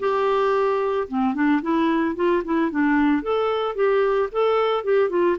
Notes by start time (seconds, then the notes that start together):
0.00 G4
1.08 C4
1.35 D4
1.62 E4
2.16 F4
2.45 E4
2.71 D4
3.23 A4
3.76 G4
4.32 A4
4.84 G4
5.10 F4